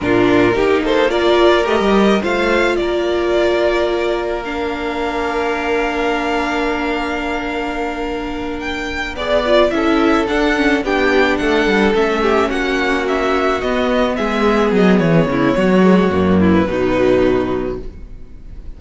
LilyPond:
<<
  \new Staff \with { instrumentName = "violin" } { \time 4/4 \tempo 4 = 108 ais'4. c''8 d''4 dis''4 | f''4 d''2. | f''1~ | f''2.~ f''8 g''8~ |
g''8 d''4 e''4 fis''4 g''8~ | g''8 fis''4 e''4 fis''4 e''8~ | e''8 dis''4 e''4 dis''8 cis''4~ | cis''4.~ cis''16 b'2~ b'16 | }
  \new Staff \with { instrumentName = "violin" } { \time 4/4 f'4 g'8 a'8 ais'2 | c''4 ais'2.~ | ais'1~ | ais'1~ |
ais'8 d''4 a'2 g'8~ | g'8 a'4. g'8 fis'4.~ | fis'4. gis'2 e'8 | fis'4. e'8 dis'2 | }
  \new Staff \with { instrumentName = "viola" } { \time 4/4 d'4 dis'4 f'4 g'4 | f'1 | d'1~ | d'1~ |
d'8 gis'8 f'8 e'4 d'8 cis'8 d'8~ | d'4. cis'2~ cis'8~ | cis'8 b2.~ b8~ | b8 gis8 ais4 fis2 | }
  \new Staff \with { instrumentName = "cello" } { \time 4/4 ais,4 ais2 a16 g8. | a4 ais2.~ | ais1~ | ais1~ |
ais8 b4 cis'4 d'4 b8~ | b8 a8 g8 a4 ais4.~ | ais8 b4 gis4 fis8 e8 cis8 | fis4 fis,4 b,2 | }
>>